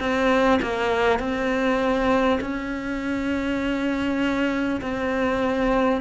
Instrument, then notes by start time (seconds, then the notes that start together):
cello
0.00 C4
0.62 A#3
1.19 C4
2.41 C#4
4.81 C4